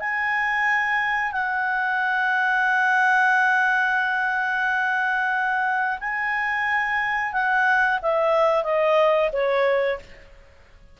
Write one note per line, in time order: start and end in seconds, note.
0.00 1.32 G#5
1.32 5.99 F#5
6.00 7.33 G#5
7.33 7.99 F#5
8.02 8.64 E5
8.64 9.30 D#5
9.32 9.99 C#5